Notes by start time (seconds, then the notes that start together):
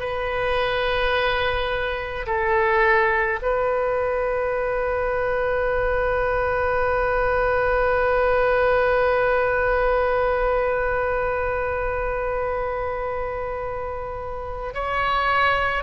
0.00 B4
2.26 A4
3.42 B4
14.74 C#5